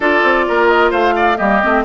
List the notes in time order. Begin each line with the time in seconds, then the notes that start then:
0.00 D4 F4 A4 D5
0.23 C4
0.48 A#3 A#4
0.67 D#5
0.90 A3 C5 F5
1.15 D5
1.37 G3 A#3 G4 D#5
1.62 A3 C4